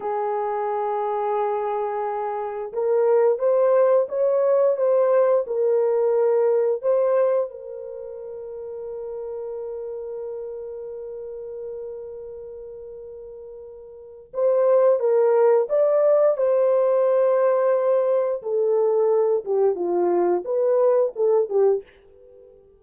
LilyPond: \new Staff \with { instrumentName = "horn" } { \time 4/4 \tempo 4 = 88 gis'1 | ais'4 c''4 cis''4 c''4 | ais'2 c''4 ais'4~ | ais'1~ |
ais'1~ | ais'4 c''4 ais'4 d''4 | c''2. a'4~ | a'8 g'8 f'4 b'4 a'8 g'8 | }